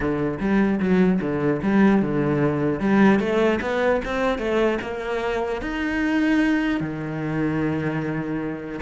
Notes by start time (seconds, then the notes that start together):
0.00 D3
0.39 G3
0.79 F#3
1.21 D3
1.62 G3
2.01 D3
2.79 G3
3.19 A3
3.61 B3
4.04 C4
4.38 A3
4.81 A#3
5.61 D#4
6.80 D#3